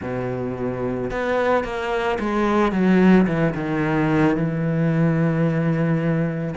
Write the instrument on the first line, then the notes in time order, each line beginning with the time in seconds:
cello
0.01 B2
1.11 B3
1.64 A#3
2.19 G#3
2.72 F#3
3.26 E3
3.55 D#3
4.36 E3